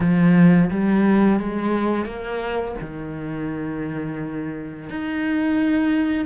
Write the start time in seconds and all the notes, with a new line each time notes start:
0.00 F3
0.70 G3
1.39 G#3
2.05 A#3
2.80 D#3
4.89 D#4